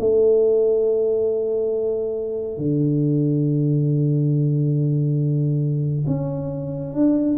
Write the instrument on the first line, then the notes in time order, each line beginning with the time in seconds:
tuba
0.00 A3
2.58 D3
6.07 C#4
6.94 D4